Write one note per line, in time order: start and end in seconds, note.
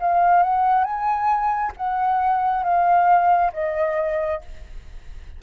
0.00 0.43 F5
0.43 0.84 F#5
0.84 1.72 G#5
1.77 2.64 F#5
2.64 3.52 F5
3.53 4.41 D#5